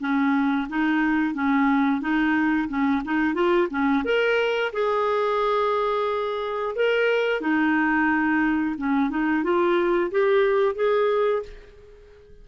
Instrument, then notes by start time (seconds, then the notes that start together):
clarinet
0.00 C#4
0.69 D#4
1.34 C#4
2.01 D#4
2.68 C#4
3.05 D#4
3.34 F4
3.70 C#4
4.04 A#4
4.73 G#4
6.75 A#4
7.41 D#4
8.78 C#4
9.10 D#4
9.43 F4
10.11 G4
10.75 G#4